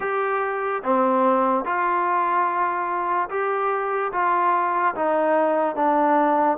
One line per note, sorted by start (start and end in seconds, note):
0.00 0.82 G4
0.83 1.64 C4
1.64 3.29 F4
3.29 4.11 G4
4.12 4.94 F4
4.95 5.75 D#4
5.75 6.58 D4